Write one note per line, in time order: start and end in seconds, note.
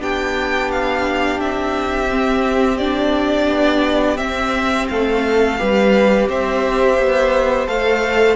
0.00 1.40 B3
0.00 2.09 D4
0.00 4.90 G4
0.00 0.71 G5
0.71 1.40 F5
1.40 3.48 C4
1.40 2.78 E5
2.11 2.80 C4
2.78 4.17 D4
2.78 4.17 D5
3.48 4.18 B3
4.17 5.56 C4
4.17 4.88 C4
4.17 4.87 E5
4.88 5.60 A3
4.88 5.59 A4
4.88 6.28 F5
5.58 6.29 G3
5.58 7.67 G4
5.58 6.29 B4
6.29 6.98 C4
6.29 8.36 C5
6.29 7.68 E5
6.98 7.67 B3
7.67 8.36 A3
7.67 8.36 A4
7.67 8.36 F5